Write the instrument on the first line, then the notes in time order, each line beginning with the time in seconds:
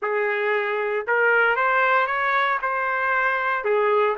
trumpet
0.01 G#4
1.07 A#4
1.56 C5
2.06 C#5
2.62 C5
3.64 G#4